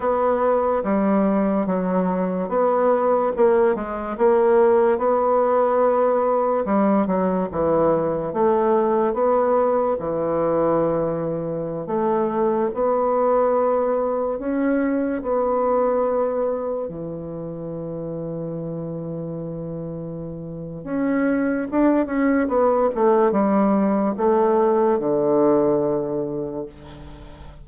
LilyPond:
\new Staff \with { instrumentName = "bassoon" } { \time 4/4 \tempo 4 = 72 b4 g4 fis4 b4 | ais8 gis8 ais4 b2 | g8 fis8 e4 a4 b4 | e2~ e16 a4 b8.~ |
b4~ b16 cis'4 b4.~ b16~ | b16 e2.~ e8.~ | e4 cis'4 d'8 cis'8 b8 a8 | g4 a4 d2 | }